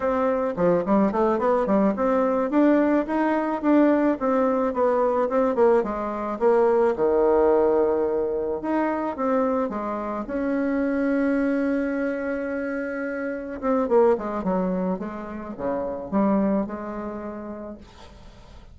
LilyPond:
\new Staff \with { instrumentName = "bassoon" } { \time 4/4 \tempo 4 = 108 c'4 f8 g8 a8 b8 g8 c'8~ | c'8 d'4 dis'4 d'4 c'8~ | c'8 b4 c'8 ais8 gis4 ais8~ | ais8 dis2. dis'8~ |
dis'8 c'4 gis4 cis'4.~ | cis'1~ | cis'8 c'8 ais8 gis8 fis4 gis4 | cis4 g4 gis2 | }